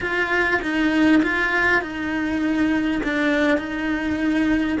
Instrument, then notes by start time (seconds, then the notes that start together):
cello
0.00 F4
0.62 D#4
1.22 F4
1.81 D#4
3.03 D4
3.58 D#4